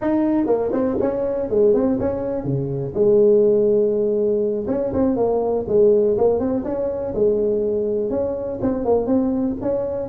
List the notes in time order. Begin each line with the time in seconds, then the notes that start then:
0.01 D#4
0.46 A#3
0.72 C4
1.00 C#4
1.49 G#3
1.73 C4
2.00 C#4
2.43 C#3
2.94 G#3
4.67 C#4
4.93 C4
5.16 A#3
5.68 G#3
6.17 A#3
6.39 C4
6.64 C#4
7.14 G#3
8.10 C#4
8.61 C4
8.85 A#3
9.06 C4
9.61 C#4